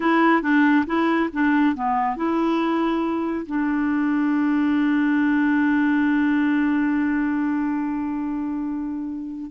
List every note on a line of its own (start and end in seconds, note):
0.00 0.42 E4
0.42 0.85 D4
0.86 1.29 E4
1.32 1.75 D4
1.75 2.16 B3
2.16 3.46 E4
3.46 9.50 D4